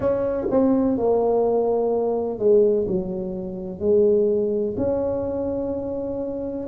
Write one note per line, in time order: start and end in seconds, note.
0.00 0.47 C#4
0.50 0.97 C4
0.97 2.39 A#3
2.39 2.86 G#3
2.87 3.79 F#3
3.79 4.74 G#3
4.77 6.67 C#4